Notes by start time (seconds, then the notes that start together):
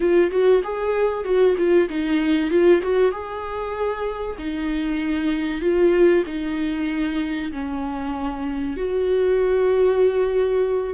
0.00 F4
0.31 F#4
0.63 G#4
1.24 F#4
1.57 F4
1.89 D#4
2.50 F4
2.82 F#4
3.11 G#4
4.38 D#4
5.61 F4
6.26 D#4
7.52 C#4
8.77 F#4